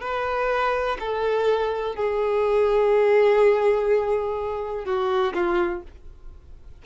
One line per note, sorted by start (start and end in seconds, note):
0.00 0.97 B4
0.99 1.95 A4
1.95 4.85 G#4
4.85 5.33 F#4
5.34 5.82 F4